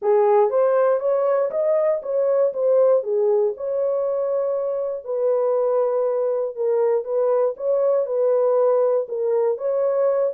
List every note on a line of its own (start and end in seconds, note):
0.02 0.50 G#4
0.50 0.99 C5
0.99 1.50 C#5
1.50 2.01 D#5
2.02 2.53 C#5
2.53 3.03 C5
3.03 3.53 G#4
3.56 5.04 C#5
5.04 6.55 B4
6.55 7.04 A#4
7.04 7.54 B4
7.56 8.05 C#5
8.05 9.06 B4
9.08 9.57 A#4
9.57 10.33 C#5